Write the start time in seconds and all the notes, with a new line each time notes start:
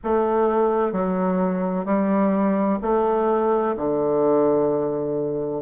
0.03 A3
0.92 F#3
1.85 G3
2.81 A3
3.76 D3